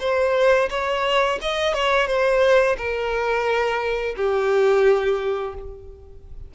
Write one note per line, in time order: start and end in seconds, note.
0.00 0.69 C5
0.70 1.39 C#5
1.41 1.74 D#5
1.74 2.07 C#5
2.07 2.76 C5
2.77 4.15 A#4
4.17 5.55 G4